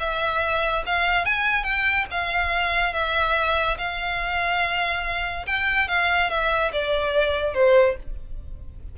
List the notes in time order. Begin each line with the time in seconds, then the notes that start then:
0.00 E5
0.86 F5
1.25 G#5
1.64 G5
2.11 F5
2.94 E5
3.78 F5
5.47 G5
5.89 F5
6.30 E5
6.73 D5
7.54 C5